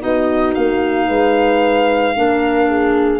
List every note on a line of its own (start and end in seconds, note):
0.00 0.56 B3
0.00 2.14 D#4
0.00 1.08 F#4
0.00 0.54 D#5
0.54 1.08 A#3
0.54 3.19 F5
1.08 2.15 G#3
1.08 2.15 B4
2.15 3.19 A#3
2.15 3.19 D4
2.15 2.68 A#4
2.68 3.19 G#4